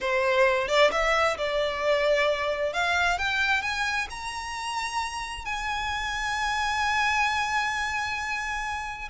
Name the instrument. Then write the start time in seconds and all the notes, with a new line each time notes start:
violin
0.01 C5
0.68 D5
0.91 E5
1.37 D5
2.73 F5
3.18 G5
3.62 G#5
4.10 A#5
5.45 G#5